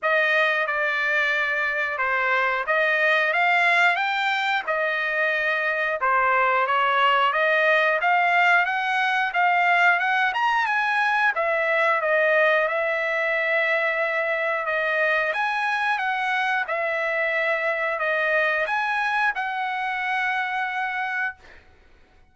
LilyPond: \new Staff \with { instrumentName = "trumpet" } { \time 4/4 \tempo 4 = 90 dis''4 d''2 c''4 | dis''4 f''4 g''4 dis''4~ | dis''4 c''4 cis''4 dis''4 | f''4 fis''4 f''4 fis''8 ais''8 |
gis''4 e''4 dis''4 e''4~ | e''2 dis''4 gis''4 | fis''4 e''2 dis''4 | gis''4 fis''2. | }